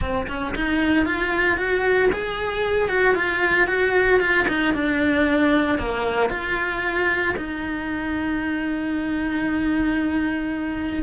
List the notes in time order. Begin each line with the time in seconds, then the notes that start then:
0.01 C4
0.28 C#4
0.55 D#4
1.05 F4
1.57 F#4
2.12 G#4
2.89 F#4
3.14 F4
3.67 F#4
4.20 F4
4.48 D#4
4.74 D4
5.78 A#3
6.29 F4
7.37 D#4